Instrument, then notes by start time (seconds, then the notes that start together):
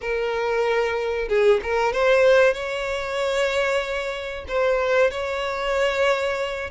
violin
0.01 A#4
1.28 G#4
1.62 A#4
1.92 C5
2.53 C#5
4.47 C5
5.10 C#5